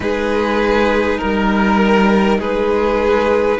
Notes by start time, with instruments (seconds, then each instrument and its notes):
0.00 cello G#3, viola D#4, violin G#4 B4
1.18 cello G3, violin A#4
2.38 cello G#3, violin G#4 B4